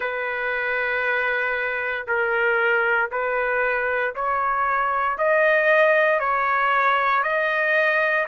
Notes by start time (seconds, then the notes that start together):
0.00 B4
2.07 A#4
3.11 B4
4.15 C#5
5.18 D#5
6.19 C#5
7.23 D#5